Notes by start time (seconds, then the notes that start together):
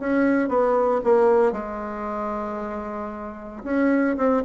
0.00 C#4
0.49 B3
1.04 A#3
1.53 G#3
3.64 C#4
4.17 C4